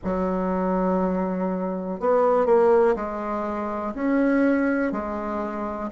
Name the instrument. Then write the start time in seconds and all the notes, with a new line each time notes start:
bassoon
0.04 F#3
1.99 B3
2.46 A#3
2.95 G#3
3.94 C#4
4.92 G#3